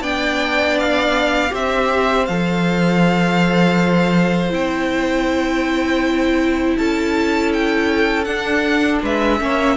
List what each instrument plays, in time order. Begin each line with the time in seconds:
0.00 cello B3, viola D4, violin D5 G5
0.79 violin F5
1.49 cello C4, viola G4, violin C5 E5
2.26 cello F3, viola A4, violin F5
4.50 cello C4, viola E4, violin G5
6.77 cello C#4, violin A4 A5
7.53 violin G5
8.24 cello D4, viola D4, violin F#5
9.03 cello G#3, violin B4 E5
9.39 cello A#3, viola C#4, violin C#5